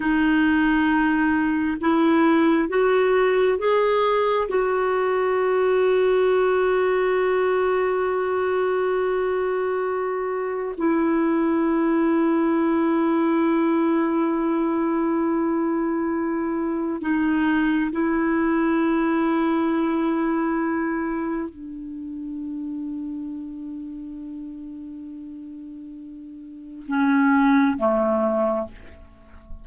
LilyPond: \new Staff \with { instrumentName = "clarinet" } { \time 4/4 \tempo 4 = 67 dis'2 e'4 fis'4 | gis'4 fis'2.~ | fis'1 | e'1~ |
e'2. dis'4 | e'1 | d'1~ | d'2 cis'4 a4 | }